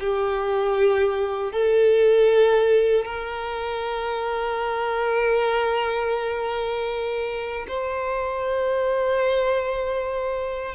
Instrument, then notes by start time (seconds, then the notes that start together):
violin
0.00 G4
1.52 A4
3.05 A#4
7.68 C5